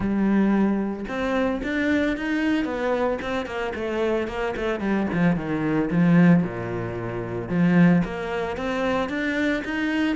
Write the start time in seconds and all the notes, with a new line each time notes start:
0.00 G3
1.08 C4
1.63 D4
2.16 D#4
2.64 B3
3.21 C4
3.46 A#3
3.75 A3
4.27 A#3
4.56 A3
4.79 G3
5.12 F3
5.35 D#3
5.90 F3
6.43 A#2
7.49 F3
8.04 A#3
8.56 C4
9.09 D4
9.64 D#4